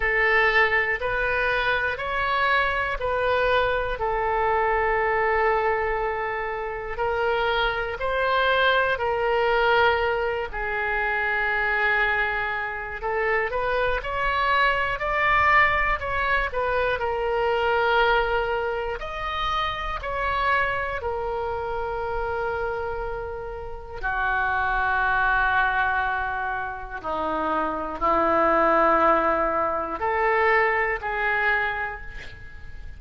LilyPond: \new Staff \with { instrumentName = "oboe" } { \time 4/4 \tempo 4 = 60 a'4 b'4 cis''4 b'4 | a'2. ais'4 | c''4 ais'4. gis'4.~ | gis'4 a'8 b'8 cis''4 d''4 |
cis''8 b'8 ais'2 dis''4 | cis''4 ais'2. | fis'2. dis'4 | e'2 a'4 gis'4 | }